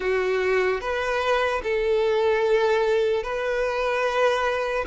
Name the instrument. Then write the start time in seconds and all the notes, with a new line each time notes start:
violin
0.00 F#4
0.80 B4
1.63 A4
3.23 B4